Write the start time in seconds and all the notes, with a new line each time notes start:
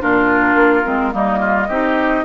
0.00 A#2 D4 F4 A#4
0.55 A#3
0.84 G#3 C4
1.11 G3 A#3 D#4 D#5
1.39 F4
1.68 C4 D#4 G4